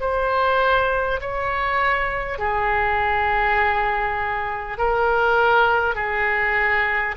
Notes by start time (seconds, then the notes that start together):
0.00 C5
1.21 C#5
2.39 G#4
4.78 A#4
5.95 G#4